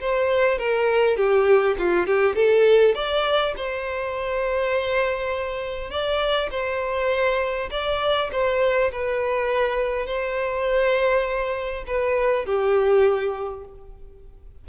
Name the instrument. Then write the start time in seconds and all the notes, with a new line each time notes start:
violin
0.00 C5
0.58 A#4
1.16 G4
1.78 F4
2.06 G4
2.35 A4
2.94 D5
3.56 C5
5.90 D5
6.50 C5
7.71 D5
8.31 C5
8.92 B4
10.06 C5
11.86 B4
12.45 G4